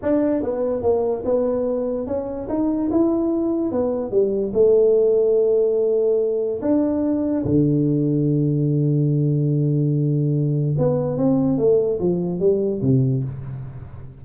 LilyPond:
\new Staff \with { instrumentName = "tuba" } { \time 4/4 \tempo 4 = 145 d'4 b4 ais4 b4~ | b4 cis'4 dis'4 e'4~ | e'4 b4 g4 a4~ | a1 |
d'2 d2~ | d1~ | d2 b4 c'4 | a4 f4 g4 c4 | }